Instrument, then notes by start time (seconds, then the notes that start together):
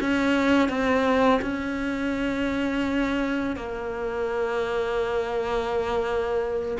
cello
0.00 C#4
0.69 C4
1.41 C#4
3.56 A#3